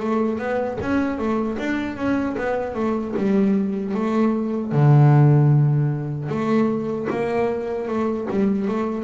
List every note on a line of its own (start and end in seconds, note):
0.00 0.39 A3
0.39 0.78 B3
0.81 1.18 C#4
1.18 1.58 A3
1.59 1.97 D4
1.97 2.36 C#4
2.38 2.75 B3
2.75 3.15 A3
3.17 3.95 G3
3.95 4.73 A3
4.73 6.29 D3
6.29 7.08 A3
7.11 7.88 A#3
7.88 8.28 A3
8.31 8.68 G3
8.68 9.04 A3